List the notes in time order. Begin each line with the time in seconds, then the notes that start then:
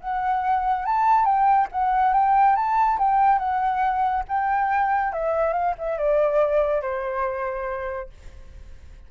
0.00 F#5
0.85 A5
1.25 G5
1.72 F#5
2.13 G5
2.56 A5
2.98 G5
3.38 F#5
4.28 G5
5.13 E5
5.53 F5
5.78 E5
5.97 D5
6.81 C5